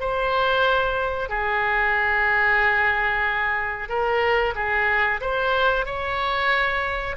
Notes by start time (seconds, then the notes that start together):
0.00 C5
1.29 G#4
3.89 A#4
4.55 G#4
5.21 C5
5.86 C#5